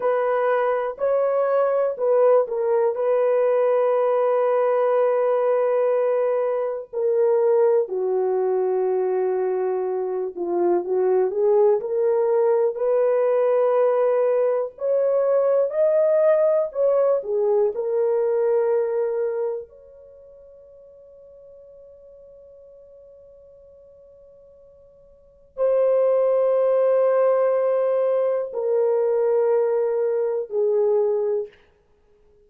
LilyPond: \new Staff \with { instrumentName = "horn" } { \time 4/4 \tempo 4 = 61 b'4 cis''4 b'8 ais'8 b'4~ | b'2. ais'4 | fis'2~ fis'8 f'8 fis'8 gis'8 | ais'4 b'2 cis''4 |
dis''4 cis''8 gis'8 ais'2 | cis''1~ | cis''2 c''2~ | c''4 ais'2 gis'4 | }